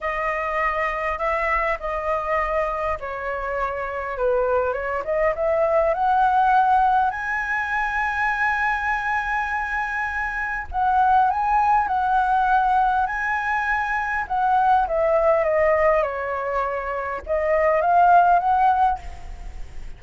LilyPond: \new Staff \with { instrumentName = "flute" } { \time 4/4 \tempo 4 = 101 dis''2 e''4 dis''4~ | dis''4 cis''2 b'4 | cis''8 dis''8 e''4 fis''2 | gis''1~ |
gis''2 fis''4 gis''4 | fis''2 gis''2 | fis''4 e''4 dis''4 cis''4~ | cis''4 dis''4 f''4 fis''4 | }